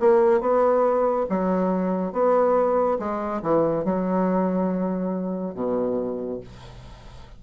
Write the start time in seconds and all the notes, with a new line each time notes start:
0.00 A#3
0.41 B3
1.30 F#3
2.13 B3
2.99 G#3
3.42 E3
3.85 F#3
5.55 B2